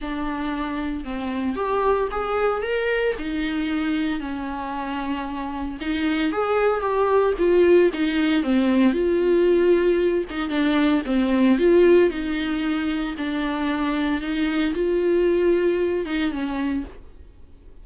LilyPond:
\new Staff \with { instrumentName = "viola" } { \time 4/4 \tempo 4 = 114 d'2 c'4 g'4 | gis'4 ais'4 dis'2 | cis'2. dis'4 | gis'4 g'4 f'4 dis'4 |
c'4 f'2~ f'8 dis'8 | d'4 c'4 f'4 dis'4~ | dis'4 d'2 dis'4 | f'2~ f'8 dis'8 cis'4 | }